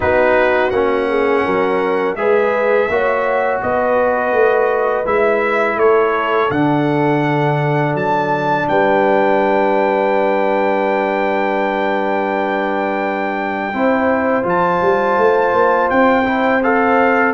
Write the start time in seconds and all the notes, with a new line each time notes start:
0.00 B3 D#4 F#4 B4
0.70 A#3 C#4 F#5
1.09 G#4
1.44 F#3 A#4
2.15 G#3 G#4 B4 E5
2.88 A#3 F#4 C#5
3.62 B3 B4 D#5
4.32 A3
5.05 G#3 E4 E5
5.76 A3 A4 C#5
6.50 D3 D4 F#5
7.94 F#3 A5
8.68 G3 B4 G5
13.72 C4 E4 C5
14.42 F3 F4 A5
14.81 G3
15.17 A3
15.52 A#3
15.90 C4 G5
16.25 E4
16.62 A4 F5